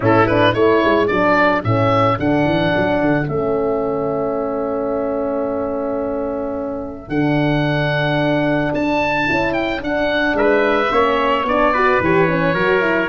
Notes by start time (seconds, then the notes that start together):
0.00 A2 C#4 E4 A4
0.26 D4 B4
0.53 A3 E4 A4 C#5
0.84 G#3
1.07 F#3 D4 D5
1.63 A2 C#4 E5
2.17 D3 D4 F#5
2.45 E3
2.76 F#3
3.01 D3
3.28 A3 C#4 E5
7.08 D3 D4 F#5
8.74 D4 A5
9.27 C#4 E4
9.53 G5
9.78 D4 F#5
10.34 G#3 B4 E5
10.91 A#3 C#4 C#5
11.43 B3 D4 D5
11.73 F#4 B4
11.99 E3 G4 C#5
12.27 C#4
12.54 F#3 F#4 A#4
12.80 E4